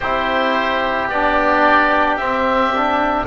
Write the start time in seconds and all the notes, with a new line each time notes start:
0.00 C4 E4 G4 C5
1.08 B3 D4 D5
2.16 C4 E5
2.74 D4